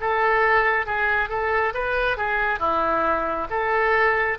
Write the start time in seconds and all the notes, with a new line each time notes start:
0.00 A4
0.86 G#4
1.29 A4
1.74 B4
2.17 G#4
2.59 E4
3.50 A4